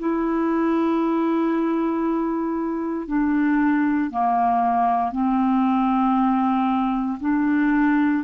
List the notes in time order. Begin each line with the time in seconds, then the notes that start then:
0.00 E4
3.08 D4
4.11 A#3
5.12 C4
7.21 D4